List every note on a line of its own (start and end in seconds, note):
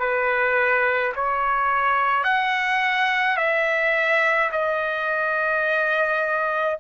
0.00 1.13 B4
1.16 2.24 C#5
2.24 3.38 F#5
3.38 4.51 E5
4.52 6.79 D#5